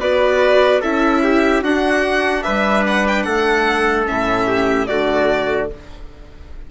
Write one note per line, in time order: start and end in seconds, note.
0.00 0.81 B3
0.00 0.82 F#4
0.00 0.81 B4
0.00 0.81 D5
0.81 1.62 C#4
0.81 1.64 E4
0.81 1.21 A4
0.81 1.63 E5
1.24 1.63 G4
1.62 2.43 D4
1.62 4.05 D4
1.62 2.44 F#4
1.62 2.43 F#5
2.43 3.26 G3
2.43 3.25 B4
2.43 2.83 E5
2.87 3.07 F#5
3.07 3.23 G5
3.23 4.07 A3
3.23 4.47 A4
3.23 4.04 F#5
4.05 4.89 A2
4.05 4.86 C#4
4.05 4.87 E5
4.47 4.88 G4
4.87 5.71 D3
4.87 5.69 A3
4.87 5.70 F#4
4.87 5.68 D5